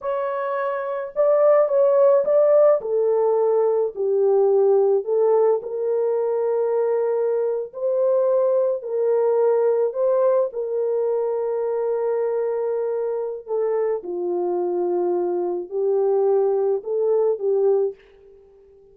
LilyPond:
\new Staff \with { instrumentName = "horn" } { \time 4/4 \tempo 4 = 107 cis''2 d''4 cis''4 | d''4 a'2 g'4~ | g'4 a'4 ais'2~ | ais'4.~ ais'16 c''2 ais'16~ |
ais'4.~ ais'16 c''4 ais'4~ ais'16~ | ais'1 | a'4 f'2. | g'2 a'4 g'4 | }